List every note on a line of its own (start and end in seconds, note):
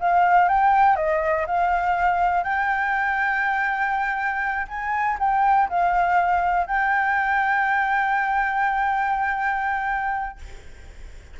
0.00 0.48 F5
0.48 0.96 G5
0.96 1.46 D#5
1.46 2.43 F5
2.43 4.67 G5
4.68 5.18 G#5
5.19 5.69 G5
5.69 6.67 F5
6.67 10.39 G5